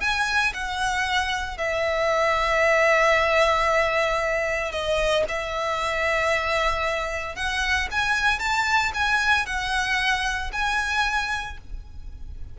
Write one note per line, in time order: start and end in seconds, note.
0.00 0.53 G#5
0.53 1.57 F#5
1.57 4.71 E5
4.71 5.24 D#5
5.28 7.35 E5
7.35 7.88 F#5
7.91 8.39 G#5
8.39 8.92 A5
8.94 9.46 G#5
9.46 10.51 F#5
10.52 11.57 G#5